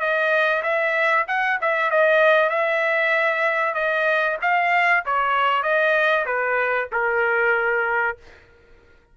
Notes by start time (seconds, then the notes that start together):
0.00 D#5
0.63 E5
1.28 F#5
1.61 E5
1.91 D#5
2.49 E5
3.74 D#5
4.41 F5
5.05 C#5
5.62 D#5
6.26 B4
6.92 A#4